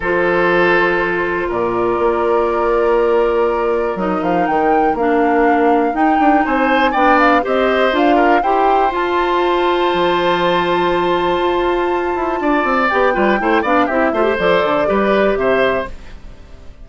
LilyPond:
<<
  \new Staff \with { instrumentName = "flute" } { \time 4/4 \tempo 4 = 121 c''2. d''4~ | d''1 | dis''8 f''8 g''4 f''2 | g''4 gis''4 g''8 f''8 dis''4 |
f''4 g''4 a''2~ | a''1~ | a''2 g''4. f''8 | e''4 d''2 e''4 | }
  \new Staff \with { instrumentName = "oboe" } { \time 4/4 a'2. ais'4~ | ais'1~ | ais'1~ | ais'4 c''4 d''4 c''4~ |
c''8 ais'8 c''2.~ | c''1~ | c''4 d''4. b'8 c''8 d''8 | g'8 c''4. b'4 c''4 | }
  \new Staff \with { instrumentName = "clarinet" } { \time 4/4 f'1~ | f'1 | dis'2 d'2 | dis'2 d'4 g'4 |
f'4 g'4 f'2~ | f'1~ | f'2 g'8 f'8 e'8 d'8 | e'8 f'16 g'16 a'4 g'2 | }
  \new Staff \with { instrumentName = "bassoon" } { \time 4/4 f2. ais,4 | ais1 | fis8 f8 dis4 ais2 | dis'8 d'8 c'4 b4 c'4 |
d'4 e'4 f'2 | f2. f'4~ | f'8 e'8 d'8 c'8 b8 g8 a8 b8 | c'8 a8 f8 d8 g4 c4 | }
>>